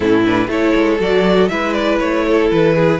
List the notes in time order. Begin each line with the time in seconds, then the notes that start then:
0.00 A2 C#4 E4 A4
0.24 D4 B4
0.47 A3 E4 A4 C#5
0.75 G#3
0.99 F#3 F#4 D5
1.48 G#3 E4 B4 E5
1.73 D5
1.99 A3 C#5
2.27 A4
2.51 E3 B4
2.75 G#4